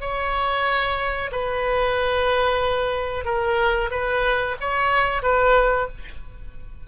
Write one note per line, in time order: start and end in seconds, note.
0.00 1.30 C#5
1.31 3.24 B4
3.24 3.90 A#4
3.90 4.55 B4
4.60 5.22 C#5
5.22 5.87 B4